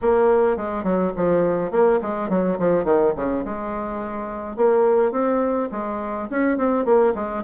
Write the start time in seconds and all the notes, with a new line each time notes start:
0.01 A#3
0.56 G#3
0.83 F#3
1.16 F3
1.71 A#3
2.02 G#3
2.29 F#3
2.59 F3
2.84 D#3
3.16 C#3
3.44 G#3
4.56 A#3
5.11 C4
5.71 G#3
6.30 C#4
6.57 C4
6.85 A#3
7.15 G#3